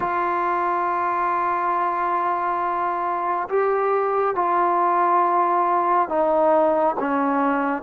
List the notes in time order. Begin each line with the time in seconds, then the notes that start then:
0.00 F4
3.49 G4
4.35 F4
6.08 D#4
6.99 C#4